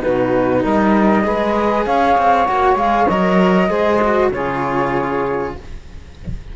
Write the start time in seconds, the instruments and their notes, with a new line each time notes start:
0.00 cello B2 D#4, saxophone F#4, flute B4
0.61 cello G3, saxophone A#4, flute D#5
1.24 cello G#3 G#4, saxophone B4
1.85 cello C#4, saxophone C#5, flute F5
2.18 cello C4
2.45 cello A#3 F#4, flute F#5
2.75 cello G#3 G#4, flute F5
3.08 cello F#3 A#4, flute D#5
3.69 cello G#3 G#4, saxophone C5
4.01 cello F#4
4.31 cello C#3 F4, saxophone G#4, flute C#5